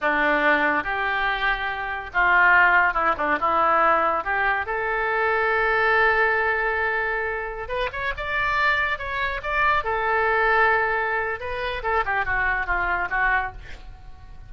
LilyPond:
\new Staff \with { instrumentName = "oboe" } { \time 4/4 \tempo 4 = 142 d'2 g'2~ | g'4 f'2 e'8 d'8 | e'2 g'4 a'4~ | a'1~ |
a'2~ a'16 b'8 cis''8 d''8.~ | d''4~ d''16 cis''4 d''4 a'8.~ | a'2. b'4 | a'8 g'8 fis'4 f'4 fis'4 | }